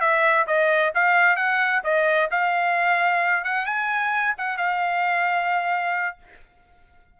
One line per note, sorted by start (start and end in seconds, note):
0.00 0.46 E5
0.47 0.93 D#5
0.94 1.36 F5
1.36 1.82 F#5
1.84 2.29 D#5
2.31 3.44 F5
3.44 3.66 F#5
3.66 4.34 G#5
4.38 4.57 F#5
4.57 6.17 F5